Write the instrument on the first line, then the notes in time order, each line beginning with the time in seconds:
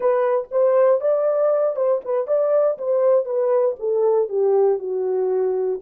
horn
0.00 B4
0.51 C5
1.00 D5
1.75 C5
2.04 B4
2.27 D5
2.77 C5
3.25 B4
3.79 A4
4.29 G4
4.79 F#4